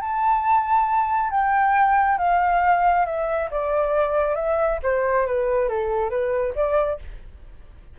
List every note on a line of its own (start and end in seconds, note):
0.00 1.30 A5
1.30 2.18 G5
2.18 3.05 F5
3.05 3.49 E5
3.51 4.35 D5
4.35 4.79 E5
4.83 5.26 C5
5.26 5.69 B4
5.69 6.10 A4
6.10 6.53 B4
6.55 6.99 D5